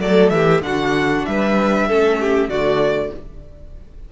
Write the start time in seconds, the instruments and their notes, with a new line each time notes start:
0.00 cello F#3, viola A3, violin A4 D5
0.30 cello E3, violin G4 E5
0.62 cello D3, viola D4, violin F#4 F#5
1.26 cello G3, violin B4 E5
1.88 cello A3, viola C#4, violin A4
2.20 violin G4
2.49 cello D3, viola A3, violin F#4 D5